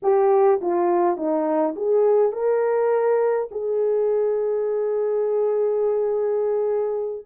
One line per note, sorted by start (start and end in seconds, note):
0.02 0.60 G4
0.61 1.16 F4
1.16 1.74 D#4
1.76 2.32 G#4
2.32 3.49 A#4
3.51 7.25 G#4